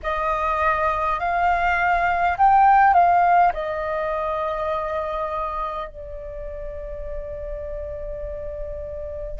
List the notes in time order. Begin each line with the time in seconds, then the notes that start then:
0.02 D#5
1.19 F5
2.37 G5
2.93 F5
3.53 D#5
5.88 D5